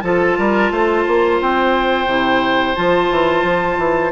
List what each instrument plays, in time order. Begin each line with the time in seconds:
0.00 bassoon F3, clarinet F4, oboe A4, flute A5
0.37 bassoon G3, oboe A#4
0.70 bassoon A3, oboe C5
1.07 bassoon A#3
1.41 bassoon C4, flute G5
2.06 bassoon C3, clarinet E4
2.75 bassoon F3, clarinet F4, flute A5
3.10 bassoon E3
3.43 bassoon F3
3.77 bassoon E3